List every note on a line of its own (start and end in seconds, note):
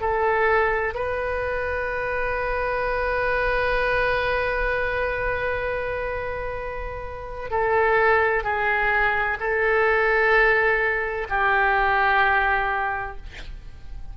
0.00 0.94 A4
0.94 7.50 B4
7.50 8.43 A4
8.43 9.37 G#4
9.40 11.28 A4
11.29 13.17 G4